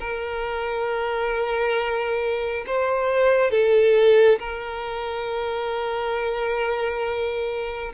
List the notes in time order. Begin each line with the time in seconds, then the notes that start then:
0.00 A#4
2.66 C5
3.51 A4
4.39 A#4